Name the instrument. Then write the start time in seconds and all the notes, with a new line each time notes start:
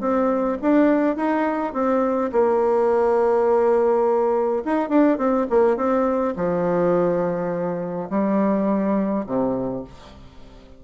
bassoon
0.00 C4
0.62 D4
1.16 D#4
1.73 C4
2.32 A#3
4.65 D#4
4.89 D4
5.18 C4
5.50 A#3
5.76 C4
6.36 F3
8.10 G3
9.26 C3